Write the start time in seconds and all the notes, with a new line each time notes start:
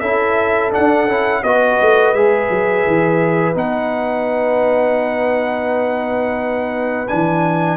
0.00 C#4 E4 A4 E5
0.72 D4 F#5
1.08 C#4 E4
1.43 B3 F#4 B4 D#5
1.81 A3
2.14 G#3 G#4 E5
2.50 F#3
2.87 E3
3.54 B3 D#4 F#5
7.08 E3 D4 G#5